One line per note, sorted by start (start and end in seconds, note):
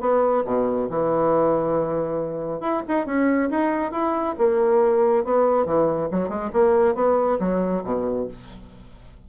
0.00 0.43 B3
0.45 0.89 B2
0.90 2.60 E3
2.60 2.82 E4
2.88 3.06 D#4
3.06 3.49 C#4
3.50 3.91 D#4
3.91 4.35 E4
4.38 5.24 A#3
5.24 5.65 B3
5.65 6.09 E3
6.11 6.28 F#3
6.28 6.50 G#3
6.53 6.95 A#3
6.95 7.38 B3
7.40 7.83 F#3
7.84 8.27 B2